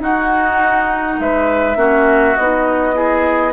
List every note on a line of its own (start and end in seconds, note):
0.00 1.18 D#4
0.00 1.76 D#4
0.00 1.20 F#4
0.00 1.21 F#5
1.20 1.76 G#3
1.20 1.78 B4
1.20 2.36 E5
1.76 2.35 A#3
1.76 2.35 C#4
1.76 2.95 F#4
2.36 3.53 B3
2.36 2.94 D#4
2.36 3.53 D#5
2.94 3.52 E4
2.94 3.53 G#4